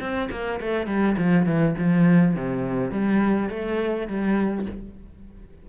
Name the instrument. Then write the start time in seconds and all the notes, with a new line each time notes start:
cello
0.00 C4
0.31 A#3
0.61 A3
0.87 G3
1.18 F3
1.46 E3
1.78 F3
2.36 C3
2.91 G3
3.50 A3
4.08 G3